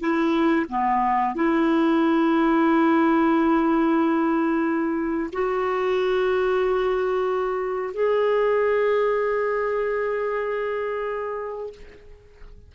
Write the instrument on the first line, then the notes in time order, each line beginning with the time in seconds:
clarinet
0.00 E4
0.69 B3
1.35 E4
5.33 F#4
7.94 G#4